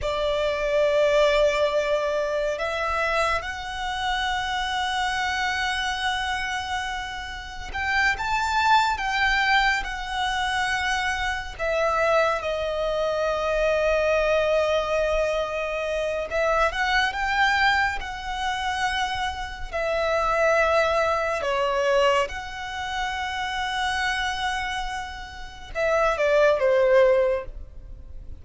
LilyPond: \new Staff \with { instrumentName = "violin" } { \time 4/4 \tempo 4 = 70 d''2. e''4 | fis''1~ | fis''4 g''8 a''4 g''4 fis''8~ | fis''4. e''4 dis''4.~ |
dis''2. e''8 fis''8 | g''4 fis''2 e''4~ | e''4 cis''4 fis''2~ | fis''2 e''8 d''8 c''4 | }